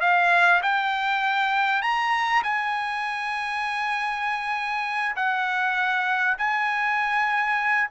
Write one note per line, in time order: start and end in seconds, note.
0.00 0.61 F5
0.62 1.82 G5
1.82 2.42 A#5
2.43 5.15 G#5
5.16 6.37 F#5
6.38 7.89 G#5